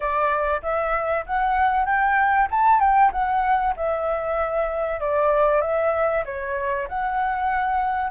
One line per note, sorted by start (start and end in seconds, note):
0.00 0.61 D5
0.62 1.25 E5
1.26 1.85 F#5
1.85 2.48 G5
2.51 2.80 A5
2.80 3.11 G5
3.12 3.74 F#5
3.76 5.00 E5
5.00 5.61 D5
5.61 6.23 E5
6.25 6.87 C#5
6.88 8.10 F#5